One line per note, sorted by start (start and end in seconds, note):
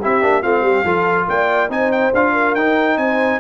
0.00 0.23 C4
0.00 0.22 E4
0.00 0.43 G4
0.00 0.43 E5
0.22 0.44 A#3
0.22 0.43 D4
0.43 0.62 A3
0.43 0.85 C4
0.43 0.63 F4
0.43 1.28 F5
0.62 0.83 G3
0.62 0.84 G4
0.84 1.27 F3
0.84 1.70 F4
0.84 1.27 A4
1.28 1.69 A#3
1.28 1.72 D5
1.28 1.71 G5
1.69 2.12 C4
1.69 2.12 D#4
1.69 2.33 C5
1.69 1.92 G#5
1.92 2.13 G5
2.14 2.55 D4
2.14 2.58 F4
2.14 2.55 F5
2.33 2.97 A#4
2.55 2.97 D#4
2.55 3.40 D#4
2.55 2.98 G5
2.97 3.40 C4
2.97 3.40 C5
2.97 3.40 G#5